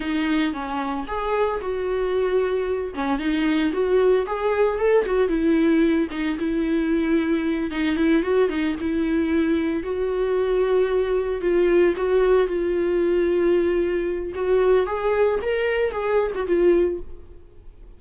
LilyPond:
\new Staff \with { instrumentName = "viola" } { \time 4/4 \tempo 4 = 113 dis'4 cis'4 gis'4 fis'4~ | fis'4. cis'8 dis'4 fis'4 | gis'4 a'8 fis'8 e'4. dis'8 | e'2~ e'8 dis'8 e'8 fis'8 |
dis'8 e'2 fis'4.~ | fis'4. f'4 fis'4 f'8~ | f'2. fis'4 | gis'4 ais'4 gis'8. fis'16 f'4 | }